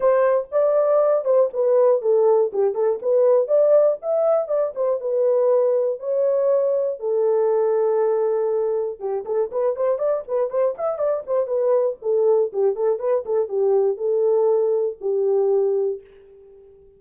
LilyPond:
\new Staff \with { instrumentName = "horn" } { \time 4/4 \tempo 4 = 120 c''4 d''4. c''8 b'4 | a'4 g'8 a'8 b'4 d''4 | e''4 d''8 c''8 b'2 | cis''2 a'2~ |
a'2 g'8 a'8 b'8 c''8 | d''8 b'8 c''8 e''8 d''8 c''8 b'4 | a'4 g'8 a'8 b'8 a'8 g'4 | a'2 g'2 | }